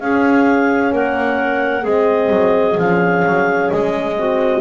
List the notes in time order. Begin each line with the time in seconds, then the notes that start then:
0.00 C#4 G#4 F5
0.92 A#3 A#4 F#5
1.82 G#3 C4 G#4 D#5
2.29 F#3
2.77 F3 C#4 F5
3.24 F#3
3.70 G#3 D#5
4.16 C4 F#4